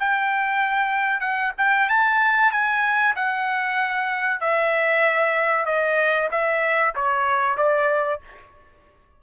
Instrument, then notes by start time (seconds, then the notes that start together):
trumpet
0.00 G5
1.20 F#5
1.58 G5
1.89 A5
2.52 G#5
3.16 F#5
4.41 E5
5.66 D#5
6.32 E5
6.96 C#5
7.57 D5